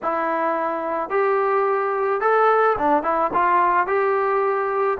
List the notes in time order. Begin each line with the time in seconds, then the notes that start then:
0.02 E4
1.09 G4
2.20 A4
2.78 D4
3.03 E4
3.33 F4
3.86 G4